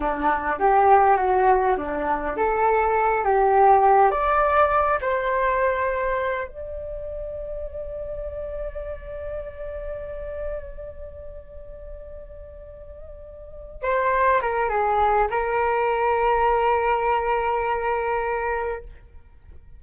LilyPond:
\new Staff \with { instrumentName = "flute" } { \time 4/4 \tempo 4 = 102 d'4 g'4 fis'4 d'4 | a'4. g'4. d''4~ | d''8 c''2~ c''8 d''4~ | d''1~ |
d''1~ | d''2.~ d''8 c''8~ | c''8 ais'8 gis'4 ais'2~ | ais'1 | }